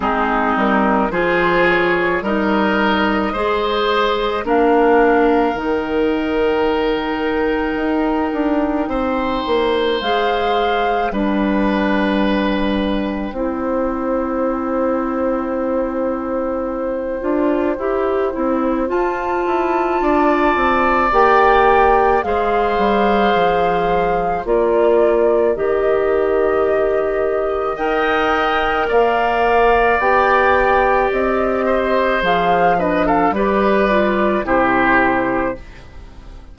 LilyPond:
<<
  \new Staff \with { instrumentName = "flute" } { \time 4/4 \tempo 4 = 54 gis'8 ais'8 c''8 cis''8 dis''2 | f''4 g''2.~ | g''4 f''4 g''2~ | g''1~ |
g''4 a''2 g''4 | f''2 d''4 dis''4~ | dis''4 g''4 f''4 g''4 | dis''4 f''8 dis''16 f''16 d''4 c''4 | }
  \new Staff \with { instrumentName = "oboe" } { \time 4/4 dis'4 gis'4 ais'4 c''4 | ais'1 | c''2 b'2 | c''1~ |
c''2 d''2 | c''2 ais'2~ | ais'4 dis''4 d''2~ | d''8 c''4 b'16 a'16 b'4 g'4 | }
  \new Staff \with { instrumentName = "clarinet" } { \time 4/4 c'4 f'4 dis'4 gis'4 | d'4 dis'2.~ | dis'4 gis'4 d'2 | e'2.~ e'8 f'8 |
g'8 e'8 f'2 g'4 | gis'2 f'4 g'4~ | g'4 ais'2 g'4~ | g'4 gis'8 d'8 g'8 f'8 e'4 | }
  \new Staff \with { instrumentName = "bassoon" } { \time 4/4 gis8 g8 f4 g4 gis4 | ais4 dis2 dis'8 d'8 | c'8 ais8 gis4 g2 | c'2.~ c'8 d'8 |
e'8 c'8 f'8 e'8 d'8 c'8 ais4 | gis8 g8 f4 ais4 dis4~ | dis4 dis'4 ais4 b4 | c'4 f4 g4 c4 | }
>>